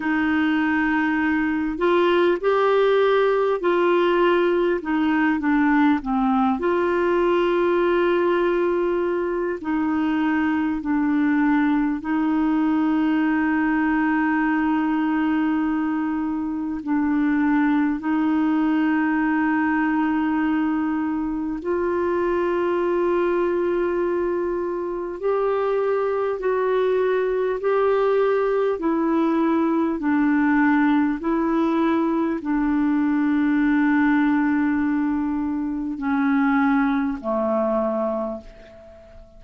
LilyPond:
\new Staff \with { instrumentName = "clarinet" } { \time 4/4 \tempo 4 = 50 dis'4. f'8 g'4 f'4 | dis'8 d'8 c'8 f'2~ f'8 | dis'4 d'4 dis'2~ | dis'2 d'4 dis'4~ |
dis'2 f'2~ | f'4 g'4 fis'4 g'4 | e'4 d'4 e'4 d'4~ | d'2 cis'4 a4 | }